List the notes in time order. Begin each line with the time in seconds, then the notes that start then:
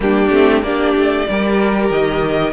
0.00 G3 A#3 D4 G4
0.30 A3 C4
0.62 A#3 D4 G4 D5
0.95 A3
1.29 G3 G4 A#4
1.90 D#3 D#5